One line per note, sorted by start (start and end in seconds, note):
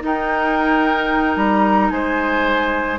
0.00 2.97 D#4
0.00 1.36 D#4
0.00 1.93 A#4
0.00 1.37 G5
1.36 1.90 G3
1.36 1.90 A#5
1.90 2.98 G#3
1.90 2.99 C5
1.90 2.98 G#5